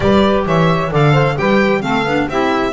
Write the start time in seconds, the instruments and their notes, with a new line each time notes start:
0.00 double bass G3, clarinet G4, saxophone B4, violin D5
0.45 double bass E3, saxophone C#5, violin E5
0.91 double bass D3, clarinet A4, saxophone D5, violin F5
1.12 saxophone C5
1.37 double bass G3, clarinet G4, saxophone B4, violin G5
1.81 double bass A3, clarinet C4, saxophone A4, violin F5
2.04 double bass B3, clarinet D4
2.27 double bass C4, clarinet E4, saxophone G4, violin E5